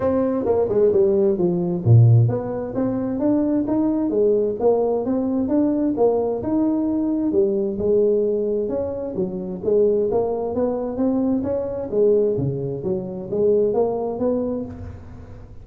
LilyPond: \new Staff \with { instrumentName = "tuba" } { \time 4/4 \tempo 4 = 131 c'4 ais8 gis8 g4 f4 | ais,4 b4 c'4 d'4 | dis'4 gis4 ais4 c'4 | d'4 ais4 dis'2 |
g4 gis2 cis'4 | fis4 gis4 ais4 b4 | c'4 cis'4 gis4 cis4 | fis4 gis4 ais4 b4 | }